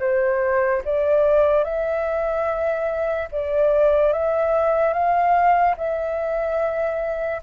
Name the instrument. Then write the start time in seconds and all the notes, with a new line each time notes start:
flute
0.00 C5
0.85 D5
1.64 E5
3.32 D5
4.13 E5
4.93 F5
5.77 E5